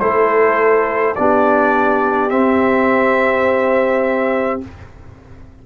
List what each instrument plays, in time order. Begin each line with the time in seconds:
0.00 tuba A3, trombone E4, horn A4, trumpet C5
1.16 tuba B3, trombone D4, horn G4, trumpet D5
2.30 trombone C4, tuba C4, trumpet E5